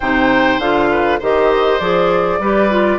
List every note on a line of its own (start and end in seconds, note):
0.00 0.58 C3
0.00 0.61 D#4
0.00 0.89 C5
0.00 0.59 G5
0.58 1.18 D3
0.58 1.21 F4
0.58 1.20 F5
0.91 1.19 B4
1.19 1.79 D#3
1.19 1.80 G4
1.19 2.39 C5
1.19 1.79 D#5
1.79 2.39 F3
1.79 2.40 G#4
1.79 2.98 D5
2.39 2.98 G3
2.39 2.70 G4
2.39 2.98 B4
2.70 2.98 F4